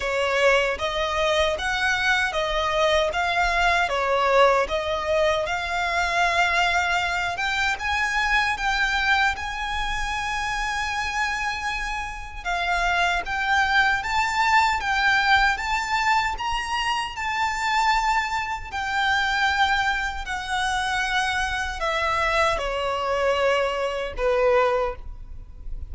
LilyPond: \new Staff \with { instrumentName = "violin" } { \time 4/4 \tempo 4 = 77 cis''4 dis''4 fis''4 dis''4 | f''4 cis''4 dis''4 f''4~ | f''4. g''8 gis''4 g''4 | gis''1 |
f''4 g''4 a''4 g''4 | a''4 ais''4 a''2 | g''2 fis''2 | e''4 cis''2 b'4 | }